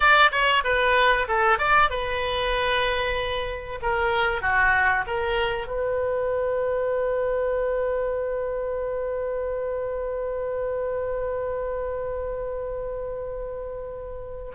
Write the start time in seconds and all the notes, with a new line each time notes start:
0.00 D5
0.31 C#5
0.64 B4
1.27 A4
1.58 D5
1.90 B4
3.82 A#4
4.41 F#4
5.06 A#4
5.67 B4